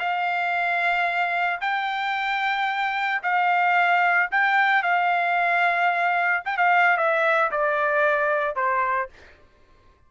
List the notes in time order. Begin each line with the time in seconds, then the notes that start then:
0.00 F5
1.61 G5
3.23 F5
4.32 G5
4.83 F5
6.46 G5
6.58 F5
6.98 E5
7.52 D5
8.56 C5